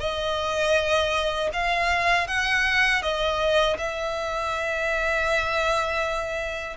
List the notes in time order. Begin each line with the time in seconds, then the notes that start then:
0.00 D#5
1.53 F5
2.27 F#5
3.02 D#5
3.78 E5